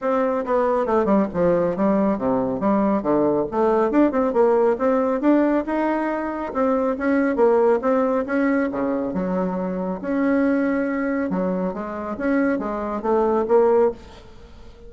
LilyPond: \new Staff \with { instrumentName = "bassoon" } { \time 4/4 \tempo 4 = 138 c'4 b4 a8 g8 f4 | g4 c4 g4 d4 | a4 d'8 c'8 ais4 c'4 | d'4 dis'2 c'4 |
cis'4 ais4 c'4 cis'4 | cis4 fis2 cis'4~ | cis'2 fis4 gis4 | cis'4 gis4 a4 ais4 | }